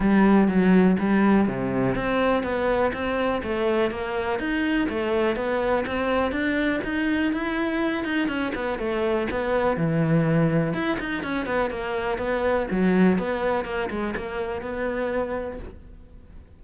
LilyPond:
\new Staff \with { instrumentName = "cello" } { \time 4/4 \tempo 4 = 123 g4 fis4 g4 c4 | c'4 b4 c'4 a4 | ais4 dis'4 a4 b4 | c'4 d'4 dis'4 e'4~ |
e'8 dis'8 cis'8 b8 a4 b4 | e2 e'8 dis'8 cis'8 b8 | ais4 b4 fis4 b4 | ais8 gis8 ais4 b2 | }